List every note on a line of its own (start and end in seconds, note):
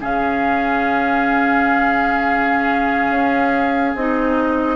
0.00 3.10 C#3
0.00 3.96 C#4
0.00 4.75 G#4
0.00 3.96 F5
3.10 3.93 C#4
3.95 4.75 C4
3.95 4.75 D#4
3.95 4.75 D#5